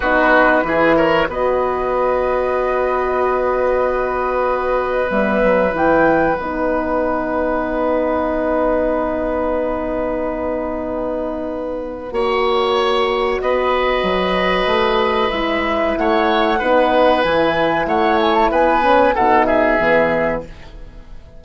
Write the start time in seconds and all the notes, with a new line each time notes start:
0.00 B3 D#4 F#4 B4
0.63 E3 E4 G#4
0.96 A#4 C#5
1.28 B3 F#4 B4 D#5
5.10 G3 B3 E5
5.43 F#3
5.70 E3 E4 G5
6.37 B3 D#4 F#5
12.11 A#3 F#4 C#5
13.39 B3 B4 D#5
14.02 F#3
14.66 A3
15.29 G#3 E4 E5
15.97 A3 C#5 F#5
16.58 B3 D#4 B4
17.22 E3 E4 G#5
17.85 A3 C#5 F#5
18.20 G#5
18.34 A5
18.50 B3 B4 G#5
18.82 C#4
19.14 B2 D#4 A4 F#5
19.45 G#4 E5
19.79 E3 B3